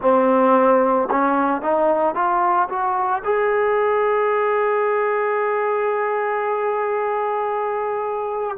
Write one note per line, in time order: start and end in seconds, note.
0.01 1.09 C4
1.10 1.61 C#4
1.61 2.14 D#4
2.14 2.68 F4
2.69 3.22 F#4
3.24 8.57 G#4